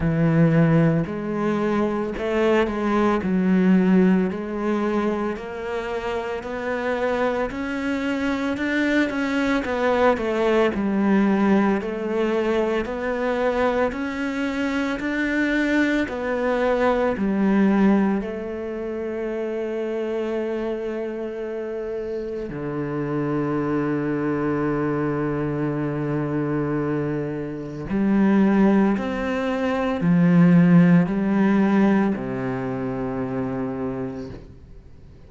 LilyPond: \new Staff \with { instrumentName = "cello" } { \time 4/4 \tempo 4 = 56 e4 gis4 a8 gis8 fis4 | gis4 ais4 b4 cis'4 | d'8 cis'8 b8 a8 g4 a4 | b4 cis'4 d'4 b4 |
g4 a2.~ | a4 d2.~ | d2 g4 c'4 | f4 g4 c2 | }